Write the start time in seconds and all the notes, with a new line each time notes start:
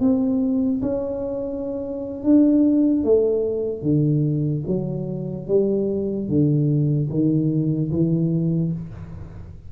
0.00 C4
0.81 C#4
2.23 D4
3.03 A3
3.82 D3
4.67 F#3
5.47 G3
6.28 D3
7.09 D#3
7.91 E3